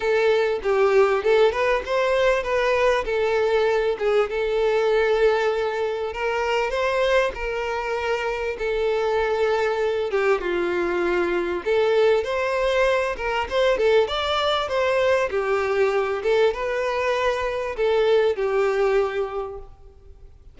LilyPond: \new Staff \with { instrumentName = "violin" } { \time 4/4 \tempo 4 = 98 a'4 g'4 a'8 b'8 c''4 | b'4 a'4. gis'8 a'4~ | a'2 ais'4 c''4 | ais'2 a'2~ |
a'8 g'8 f'2 a'4 | c''4. ais'8 c''8 a'8 d''4 | c''4 g'4. a'8 b'4~ | b'4 a'4 g'2 | }